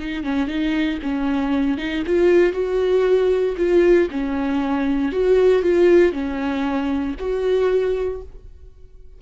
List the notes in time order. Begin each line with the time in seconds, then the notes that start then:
0.00 D#4
0.24 C#4
0.48 D#4
1.03 C#4
1.78 D#4
2.07 F4
2.53 F#4
3.57 F4
4.11 C#4
5.12 F#4
5.63 F4
6.13 C#4
7.19 F#4